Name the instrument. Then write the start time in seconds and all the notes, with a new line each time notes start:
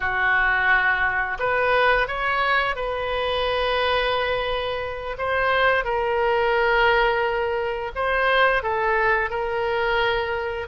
oboe
0.00 F#4
1.39 B4
2.07 C#5
2.75 B4
5.18 C5
5.84 A#4
7.95 C5
8.62 A4
9.29 A#4